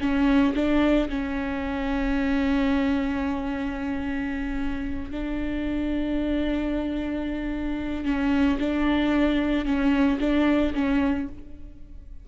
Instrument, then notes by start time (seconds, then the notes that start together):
viola
0.00 C#4
0.55 D4
1.09 C#4
5.11 D4
8.05 C#4
8.59 D4
9.65 C#4
10.19 D4
10.74 C#4